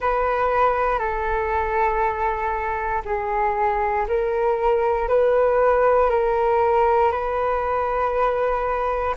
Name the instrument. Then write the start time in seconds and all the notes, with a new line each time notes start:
flute
0.00 B4
0.98 A4
3.05 G#4
4.07 A#4
5.08 B4
6.10 A#4
7.11 B4